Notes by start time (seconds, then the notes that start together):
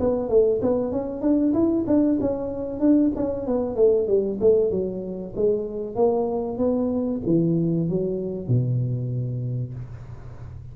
0.00 B3
0.29 A3
0.62 B3
0.92 C#4
1.22 D4
1.54 E4
1.87 D4
2.21 C#4
2.80 D4
3.16 C#4
3.47 B3
3.76 A3
4.07 G3
4.41 A3
4.71 F#3
5.36 G#3
5.96 A#3
6.58 B3
7.26 E3
7.89 F#3
8.48 B2